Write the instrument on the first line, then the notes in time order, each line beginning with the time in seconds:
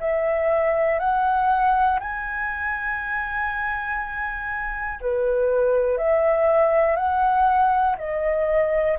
flute
0.00 E5
1.00 F#5
2.00 G#5
5.01 B4
5.98 E5
6.96 F#5
7.99 D#5